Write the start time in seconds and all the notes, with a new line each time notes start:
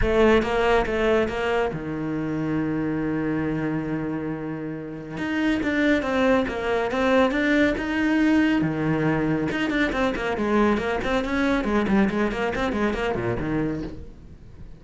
0.01 A3
0.42 A#3
0.86 A3
1.28 A#3
1.72 D#3
5.17 D#4
5.62 D4
6.02 C4
6.48 A#3
6.91 C4
7.31 D4
7.77 D#4
8.61 D#3
9.51 D#4
9.69 D4
9.92 C4
10.15 A#3
10.37 G#3
10.77 A#3
11.04 C4
11.24 C#4
11.64 G#3
11.87 G3
12.10 G#3
12.31 A#3
12.55 C4
12.72 G#3
12.93 A#3
13.15 A#2
13.39 D#3